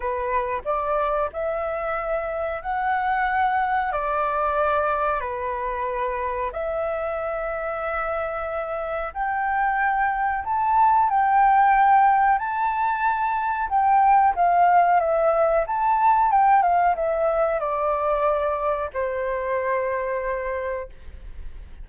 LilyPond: \new Staff \with { instrumentName = "flute" } { \time 4/4 \tempo 4 = 92 b'4 d''4 e''2 | fis''2 d''2 | b'2 e''2~ | e''2 g''2 |
a''4 g''2 a''4~ | a''4 g''4 f''4 e''4 | a''4 g''8 f''8 e''4 d''4~ | d''4 c''2. | }